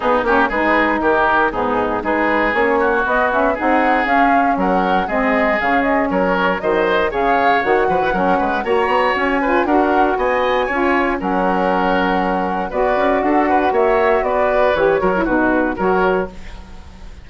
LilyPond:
<<
  \new Staff \with { instrumentName = "flute" } { \time 4/4 \tempo 4 = 118 gis'8 ais'8 b'4 ais'4 gis'4 | b'4 cis''4 dis''8 e''8 fis''4 | f''4 fis''4 dis''4 f''8 dis''8 | cis''4 dis''4 f''4 fis''4~ |
fis''4 ais''4 gis''4 fis''4 | gis''2 fis''2~ | fis''4 d''4 fis''4 e''4 | d''4 cis''4 b'4 cis''4 | }
  \new Staff \with { instrumentName = "oboe" } { \time 4/4 dis'8 g'8 gis'4 g'4 dis'4 | gis'4. fis'4. gis'4~ | gis'4 ais'4 gis'2 | ais'4 c''4 cis''4. b'8 |
ais'8 b'8 cis''4. b'8 ais'4 | dis''4 cis''4 ais'2~ | ais'4 b'4 a'8 b'8 cis''4 | b'4. ais'8 fis'4 ais'4 | }
  \new Staff \with { instrumentName = "saxophone" } { \time 4/4 b8 cis'8 dis'2 b4 | dis'4 cis'4 b8 cis'8 dis'4 | cis'2 c'4 cis'4~ | cis'4 fis4 gis'4 fis'4 |
cis'4 fis'4. f'8 fis'4~ | fis'4 f'4 cis'2~ | cis'4 fis'2.~ | fis'4 g'8 fis'16 e'16 dis'4 fis'4 | }
  \new Staff \with { instrumentName = "bassoon" } { \time 4/4 b8 ais8 gis4 dis4 gis,4 | gis4 ais4 b4 c'4 | cis'4 fis4 gis4 cis4 | fis4 dis4 cis4 dis8 f16 e16 |
fis8 gis8 ais8 b8 cis'4 d'4 | b4 cis'4 fis2~ | fis4 b8 cis'8 d'4 ais4 | b4 e8 fis8 b,4 fis4 | }
>>